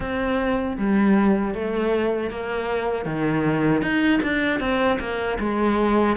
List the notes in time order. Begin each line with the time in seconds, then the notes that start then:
0.00 C4
0.77 G3
1.54 A3
2.30 A#3
3.05 D#3
3.82 D#4
4.22 D4
4.60 C4
4.99 A#3
5.39 G#3